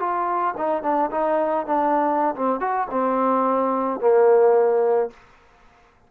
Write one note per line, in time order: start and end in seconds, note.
0.00 0.55 F4
0.58 0.83 D#4
0.83 1.11 D4
1.11 1.66 D#4
1.66 2.35 D4
2.36 2.60 C4
2.60 2.88 F#4
2.91 4.00 C4
4.00 5.10 A#3